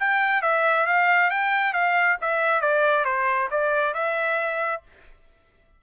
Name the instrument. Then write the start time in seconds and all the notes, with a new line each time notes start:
trumpet
0.00 G5
0.43 E5
0.87 F5
1.31 G5
1.74 F5
2.22 E5
2.62 D5
3.05 C5
3.51 D5
3.94 E5